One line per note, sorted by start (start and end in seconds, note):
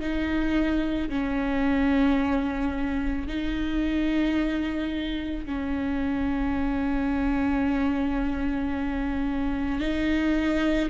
0.00 1.09 D#4
1.10 3.27 C#4
3.27 5.45 D#4
5.45 9.80 C#4
9.80 10.89 D#4